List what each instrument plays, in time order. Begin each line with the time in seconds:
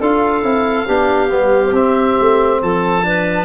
0.00 tuba D4, trombone F4, clarinet A4, oboe F5
0.43 tuba C4, trombone E4
0.87 tuba B3, trombone D4, clarinet G4
1.29 tuba G3, trombone B3
1.71 tuba C4, trombone C4, oboe E5
2.20 tuba A3
2.61 tuba F3, clarinet A4, oboe A5
3.03 trombone D4, clarinet B4